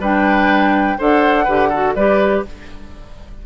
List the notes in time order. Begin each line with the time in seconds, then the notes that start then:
0.00 G3 D4 B4 G5
0.98 D4 A4 C5 F#5
1.44 D3 G4 B4
1.69 F#4 A4
1.94 G3 G4 B4 D5